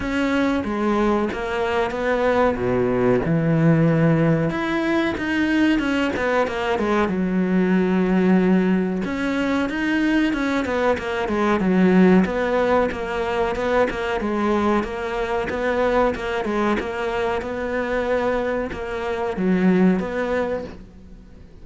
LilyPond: \new Staff \with { instrumentName = "cello" } { \time 4/4 \tempo 4 = 93 cis'4 gis4 ais4 b4 | b,4 e2 e'4 | dis'4 cis'8 b8 ais8 gis8 fis4~ | fis2 cis'4 dis'4 |
cis'8 b8 ais8 gis8 fis4 b4 | ais4 b8 ais8 gis4 ais4 | b4 ais8 gis8 ais4 b4~ | b4 ais4 fis4 b4 | }